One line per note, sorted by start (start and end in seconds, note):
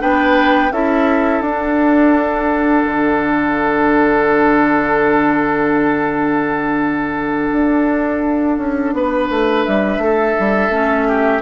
0.00 0.72 B3
0.00 0.71 D4
0.00 0.73 B4
0.00 0.72 G5
0.72 1.42 C#4
0.72 1.44 E4
0.72 8.94 A4
0.72 1.41 E5
1.41 2.84 D4
1.41 10.72 D4
1.41 9.63 F#5
2.86 7.50 D3
7.52 8.58 D4
8.58 8.94 C#4
8.94 9.29 B3
8.94 10.04 B4
9.30 9.66 A3
9.65 9.98 G3
9.65 11.42 E5
9.98 10.34 A3
9.98 11.08 A4
10.40 10.69 G3
10.69 11.41 A3
10.69 11.42 C#4
11.08 11.42 G4